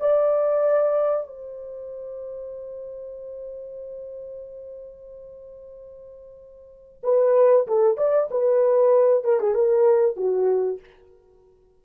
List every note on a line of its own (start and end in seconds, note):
0.00 1.27 D5
1.27 7.02 C5
7.03 7.67 B4
7.67 7.97 A4
7.97 8.29 D5
8.31 9.24 B4
9.24 9.40 A#4
9.40 9.54 G#4
9.54 10.16 A#4
10.16 10.80 F#4